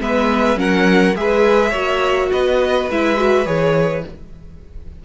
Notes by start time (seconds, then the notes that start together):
0.00 G#3 B3 B4 E5
0.56 F#3 C#4 A#4 F#5
1.15 G#3 G#4 B4 E5
1.70 A#3 F#4 C#5
2.31 B3 B4 D#5
2.90 G#3 E4 E5
3.16 F#4
3.45 E3 G#4 C#5